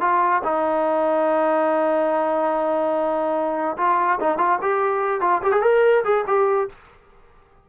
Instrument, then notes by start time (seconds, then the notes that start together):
trombone
0.00 F4
0.43 D#4
3.77 F4
4.20 D#4
4.38 F4
4.61 G4
5.20 F4
5.42 G4
5.52 G#4
5.62 A#4
6.04 G#4
6.27 G4